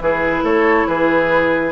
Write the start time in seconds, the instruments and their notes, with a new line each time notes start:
0.00 bassoon E3, clarinet E4, oboe G#4, flute B4
0.43 bassoon A3, oboe A4, flute C#5
0.87 bassoon E3, oboe G#4, flute B4